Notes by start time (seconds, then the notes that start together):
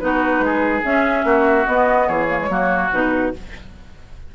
0.00 B3 D#4 F#4 B4
0.40 G#3 G#4
0.84 C#4 E5
1.24 A#3 F#4
1.66 B3 D#5
2.08 E3 G#4 C#5
2.29 A#3
2.40 G#3
2.49 F#3 A#3 F#4
2.92 B2 D#4 B4